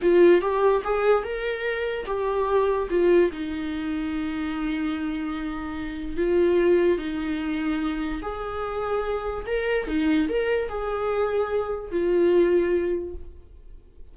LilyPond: \new Staff \with { instrumentName = "viola" } { \time 4/4 \tempo 4 = 146 f'4 g'4 gis'4 ais'4~ | ais'4 g'2 f'4 | dis'1~ | dis'2. f'4~ |
f'4 dis'2. | gis'2. ais'4 | dis'4 ais'4 gis'2~ | gis'4 f'2. | }